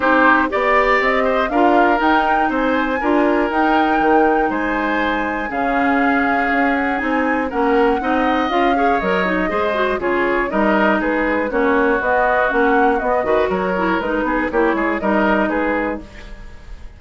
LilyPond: <<
  \new Staff \with { instrumentName = "flute" } { \time 4/4 \tempo 4 = 120 c''4 d''4 dis''4 f''4 | g''4 gis''2 g''4~ | g''4 gis''2 f''4~ | f''4. fis''8 gis''4 fis''4~ |
fis''4 f''4 dis''2 | cis''4 dis''4 b'4 cis''4 | dis''4 fis''4 dis''4 cis''4 | b'4 cis''4 dis''4 b'4 | }
  \new Staff \with { instrumentName = "oboe" } { \time 4/4 g'4 d''4. c''8 ais'4~ | ais'4 c''4 ais'2~ | ais'4 c''2 gis'4~ | gis'2. ais'4 |
dis''4. cis''4. c''4 | gis'4 ais'4 gis'4 fis'4~ | fis'2~ fis'8 b'8 ais'4~ | ais'8 gis'8 g'8 gis'8 ais'4 gis'4 | }
  \new Staff \with { instrumentName = "clarinet" } { \time 4/4 dis'4 g'2 f'4 | dis'2 f'4 dis'4~ | dis'2. cis'4~ | cis'2 dis'4 cis'4 |
dis'4 f'8 gis'8 ais'8 dis'8 gis'8 fis'8 | f'4 dis'2 cis'4 | b4 cis'4 b8 fis'4 e'8 | dis'4 e'4 dis'2 | }
  \new Staff \with { instrumentName = "bassoon" } { \time 4/4 c'4 b4 c'4 d'4 | dis'4 c'4 d'4 dis'4 | dis4 gis2 cis4~ | cis4 cis'4 c'4 ais4 |
c'4 cis'4 fis4 gis4 | cis4 g4 gis4 ais4 | b4 ais4 b8 dis8 fis4 | gis8 b8 ais8 gis8 g4 gis4 | }
>>